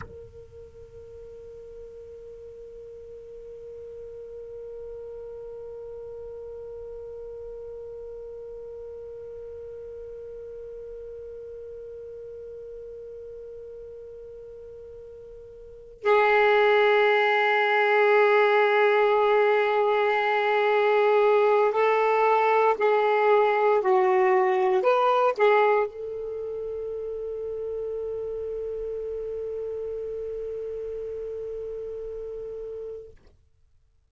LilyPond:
\new Staff \with { instrumentName = "saxophone" } { \time 4/4 \tempo 4 = 58 ais'1~ | ais'1~ | ais'1~ | ais'2.~ ais'8 gis'8~ |
gis'1~ | gis'4 a'4 gis'4 fis'4 | b'8 gis'8 a'2.~ | a'1 | }